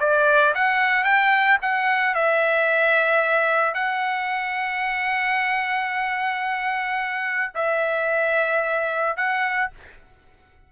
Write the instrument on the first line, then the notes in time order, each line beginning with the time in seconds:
trumpet
0.00 D5
0.55 F#5
1.04 G5
1.62 F#5
2.15 E5
3.74 F#5
7.55 E5
9.17 F#5